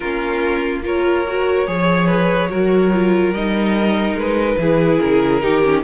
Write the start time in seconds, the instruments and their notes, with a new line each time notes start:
0.00 cello A#3, viola C#4, violin F4 A#4
0.83 viola F4, violin A#4 C#5
1.27 viola F#4
1.66 cello F3, viola G#4, violin C#5
2.06 violin B4
2.50 cello F#3, viola F#4, violin A#4
2.93 viola F4
3.33 cello G3, viola D#4, violin D#5
4.14 cello G#3, violin B4
4.58 cello E3, viola E4, violin G#4
5.00 cello C#3, violin A#4
5.41 cello D#3, viola D#4, violin G4
5.63 viola C#4